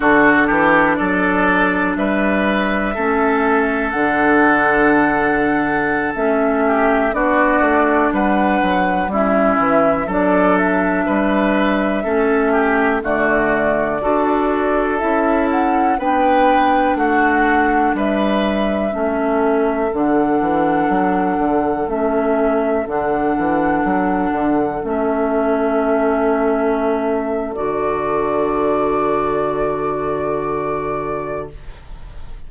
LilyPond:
<<
  \new Staff \with { instrumentName = "flute" } { \time 4/4 \tempo 4 = 61 a'4 d''4 e''2 | fis''2~ fis''16 e''4 d''8.~ | d''16 fis''4 e''4 d''8 e''4~ e''16~ | e''4~ e''16 d''2 e''8 fis''16~ |
fis''16 g''4 fis''4 e''4.~ e''16~ | e''16 fis''2 e''4 fis''8.~ | fis''4~ fis''16 e''2~ e''8. | d''1 | }
  \new Staff \with { instrumentName = "oboe" } { \time 4/4 fis'8 g'8 a'4 b'4 a'4~ | a'2~ a'8. g'8 fis'8.~ | fis'16 b'4 e'4 a'4 b'8.~ | b'16 a'8 g'8 fis'4 a'4.~ a'16~ |
a'16 b'4 fis'4 b'4 a'8.~ | a'1~ | a'1~ | a'1 | }
  \new Staff \with { instrumentName = "clarinet" } { \time 4/4 d'2. cis'4 | d'2~ d'16 cis'4 d'8.~ | d'4~ d'16 cis'4 d'4.~ d'16~ | d'16 cis'4 a4 fis'4 e'8.~ |
e'16 d'2. cis'8.~ | cis'16 d'2 cis'4 d'8.~ | d'4~ d'16 cis'2~ cis'8. | fis'1 | }
  \new Staff \with { instrumentName = "bassoon" } { \time 4/4 d8 e8 fis4 g4 a4 | d2~ d16 a4 b8 a16~ | a16 g8 fis8 g8 e8 fis4 g8.~ | g16 a4 d4 d'4 cis'8.~ |
cis'16 b4 a4 g4 a8.~ | a16 d8 e8 fis8 d8 a4 d8 e16~ | e16 fis8 d8 a2~ a8. | d1 | }
>>